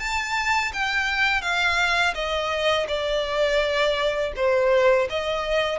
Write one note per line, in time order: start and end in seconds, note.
0.00 0.72 A5
0.74 1.42 G5
1.42 2.15 F5
2.15 2.87 D#5
2.88 4.33 D5
4.36 5.09 C5
5.10 5.79 D#5